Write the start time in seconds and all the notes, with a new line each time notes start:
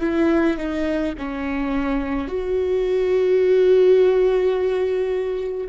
0.00 E4
0.57 D#4
1.18 C#4
2.27 F#4